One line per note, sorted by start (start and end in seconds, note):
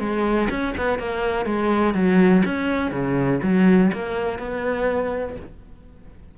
0.00 0.49 G#3
0.51 0.75 C#4
0.78 1.00 B3
1.00 1.46 A#3
1.46 1.94 G#3
1.94 2.43 F#3
2.46 2.92 C#4
2.92 3.41 C#3
3.43 3.92 F#3
3.94 4.39 A#3
4.39 5.37 B3